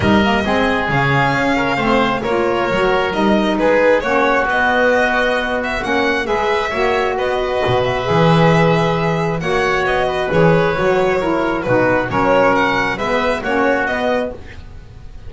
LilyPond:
<<
  \new Staff \with { instrumentName = "violin" } { \time 4/4 \tempo 4 = 134 dis''2 f''2~ | f''4 cis''2 dis''4 | b'4 cis''4 dis''2~ | dis''8 e''8 fis''4 e''2 |
dis''4. e''2~ e''8~ | e''4 fis''4 dis''4 cis''4~ | cis''2 b'4 cis''4 | fis''4 e''4 cis''4 dis''4 | }
  \new Staff \with { instrumentName = "oboe" } { \time 4/4 ais'4 gis'2~ gis'8 ais'8 | c''4 ais'2. | gis'4 fis'2.~ | fis'2 b'4 cis''4 |
b'1~ | b'4 cis''4. b'4.~ | b'4 ais'4 fis'4 ais'4~ | ais'4 b'4 fis'2 | }
  \new Staff \with { instrumentName = "saxophone" } { \time 4/4 dis'8 ais8 c'4 cis'2 | c'4 f'4 fis'4 dis'4~ | dis'4 cis'4 b2~ | b4 cis'4 gis'4 fis'4~ |
fis'2 gis'2~ | gis'4 fis'2 gis'4 | fis'4 e'4 dis'4 cis'4~ | cis'4 b4 cis'4 b4 | }
  \new Staff \with { instrumentName = "double bass" } { \time 4/4 g4 gis4 cis4 cis'4 | a4 ais4 fis4 g4 | gis4 ais4 b2~ | b4 ais4 gis4 ais4 |
b4 b,4 e2~ | e4 ais4 b4 e4 | fis2 b,4 fis4~ | fis4 gis4 ais4 b4 | }
>>